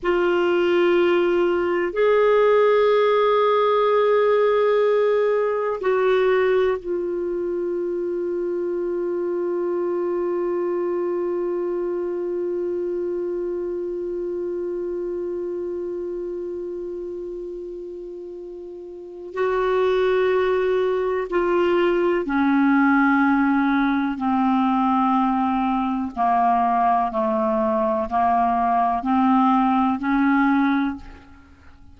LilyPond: \new Staff \with { instrumentName = "clarinet" } { \time 4/4 \tempo 4 = 62 f'2 gis'2~ | gis'2 fis'4 f'4~ | f'1~ | f'1~ |
f'1 | fis'2 f'4 cis'4~ | cis'4 c'2 ais4 | a4 ais4 c'4 cis'4 | }